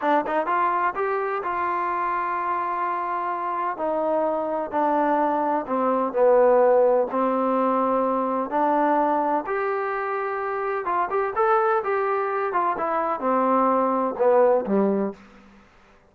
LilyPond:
\new Staff \with { instrumentName = "trombone" } { \time 4/4 \tempo 4 = 127 d'8 dis'8 f'4 g'4 f'4~ | f'1 | dis'2 d'2 | c'4 b2 c'4~ |
c'2 d'2 | g'2. f'8 g'8 | a'4 g'4. f'8 e'4 | c'2 b4 g4 | }